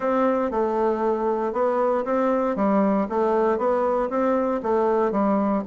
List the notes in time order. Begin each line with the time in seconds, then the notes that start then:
0.00 C4
0.50 A3
1.52 B3
2.05 C4
2.55 G3
3.09 A3
3.58 B3
4.09 C4
4.62 A3
5.11 G3